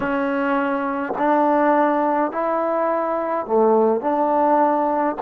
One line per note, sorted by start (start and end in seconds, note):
0.00 1.13 C#4
1.17 2.31 D4
2.31 3.46 E4
3.46 4.00 A3
4.00 5.16 D4